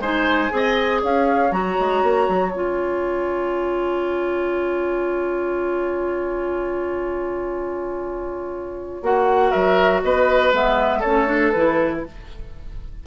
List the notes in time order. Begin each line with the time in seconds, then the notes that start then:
0.00 G#3 D#4 C5 G#5
0.50 C4 G#4
0.57 D#5
1.02 C#4 C#5 F5
1.51 F#3 F#4 A#5
1.80 G#3
2.03 A#3
2.29 F#3
2.52 C#4 F4 G#5
9.02 A#3 F#4 F#5
9.51 F#3 A#4 E5
10.03 B3 B4 D#5
10.53 G#3 B3 E5
11.00 A3 C#4 A4 C#5
11.27 D4
11.51 E3 E4 B4